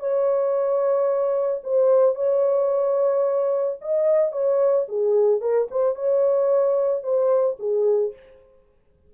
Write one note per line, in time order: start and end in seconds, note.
0.00 1.62 C#5
1.64 2.16 C5
2.16 3.78 C#5
3.82 4.33 D#5
4.33 4.87 C#5
4.89 5.41 G#4
5.41 5.68 A#4
5.71 5.96 C5
5.96 7.03 C#5
7.03 7.57 C5
7.60 8.14 G#4